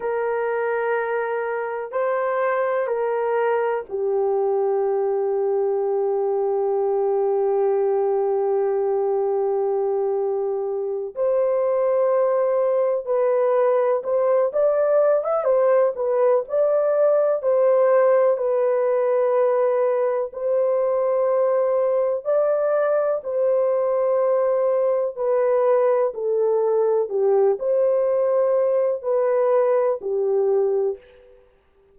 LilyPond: \new Staff \with { instrumentName = "horn" } { \time 4/4 \tempo 4 = 62 ais'2 c''4 ais'4 | g'1~ | g'2.~ g'8 c''8~ | c''4. b'4 c''8 d''8. e''16 |
c''8 b'8 d''4 c''4 b'4~ | b'4 c''2 d''4 | c''2 b'4 a'4 | g'8 c''4. b'4 g'4 | }